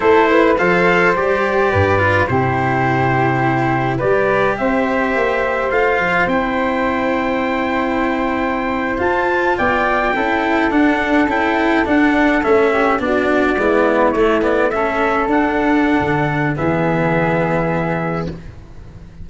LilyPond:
<<
  \new Staff \with { instrumentName = "trumpet" } { \time 4/4 \tempo 4 = 105 c''4 f''4 d''2 | c''2. d''4 | e''2 f''4 g''4~ | g''2.~ g''8. a''16~ |
a''8. g''2 fis''4 g''16~ | g''8. fis''4 e''4 d''4~ d''16~ | d''8. cis''8 d''8 e''4 fis''4~ fis''16~ | fis''4 e''2. | }
  \new Staff \with { instrumentName = "flute" } { \time 4/4 a'8 b'8 c''2 b'4 | g'2. b'4 | c''1~ | c''1~ |
c''8. d''4 a'2~ a'16~ | a'2~ a'16 g'8 fis'4 e'16~ | e'4.~ e'16 a'2~ a'16~ | a'4 gis'2. | }
  \new Staff \with { instrumentName = "cello" } { \time 4/4 e'4 a'4 g'4. f'8 | e'2. g'4~ | g'2 f'4 e'4~ | e'2.~ e'8. f'16~ |
f'4.~ f'16 e'4 d'4 e'16~ | e'8. d'4 cis'4 d'4 b16~ | b8. a8 b8 cis'4 d'4~ d'16~ | d'4 b2. | }
  \new Staff \with { instrumentName = "tuba" } { \time 4/4 a4 f4 g4 g,4 | c2. g4 | c'4 ais4 a8 f8 c'4~ | c'2.~ c'8. f'16~ |
f'8. b4 cis'4 d'4 cis'16~ | cis'8. d'4 a4 b4 gis16~ | gis8. a2 d'4~ d'16 | d4 e2. | }
>>